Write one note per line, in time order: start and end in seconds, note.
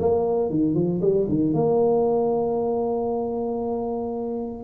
0.00 0.50 A#3
0.50 0.75 D#3
0.75 1.01 F3
1.02 1.27 G3
1.29 1.54 D#3
1.54 4.64 A#3